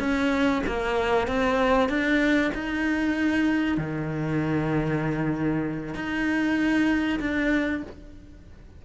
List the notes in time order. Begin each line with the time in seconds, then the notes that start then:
0.00 C#4
0.67 A#3
1.28 C4
1.89 D4
2.55 D#4
3.78 D#3
5.95 D#4
7.20 D4